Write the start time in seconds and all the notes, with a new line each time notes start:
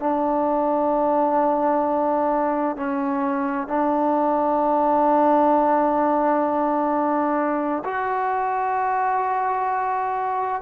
0.00 D4
2.77 C#4
3.68 D4
7.85 F#4